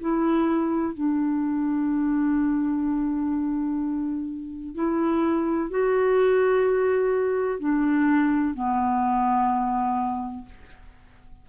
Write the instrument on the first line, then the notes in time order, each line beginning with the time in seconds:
clarinet
0.00 E4
0.94 D4
4.74 E4
5.70 F#4
7.59 D4
8.54 B3